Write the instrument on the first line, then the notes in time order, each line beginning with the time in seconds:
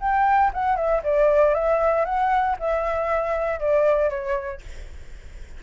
flute
0.00 G5
0.54 F#5
0.76 E5
1.04 D5
1.55 E5
2.05 F#5
2.59 E5
3.60 D5
4.10 C#5